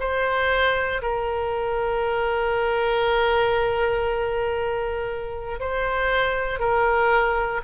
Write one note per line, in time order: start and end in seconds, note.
0.00 1.02 C5
1.02 5.60 A#4
5.60 6.60 C5
6.60 7.61 A#4